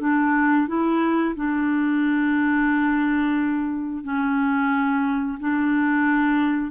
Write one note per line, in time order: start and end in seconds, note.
0.00 0.67 D4
0.67 1.35 E4
1.35 4.04 D4
4.04 5.38 C#4
5.40 6.71 D4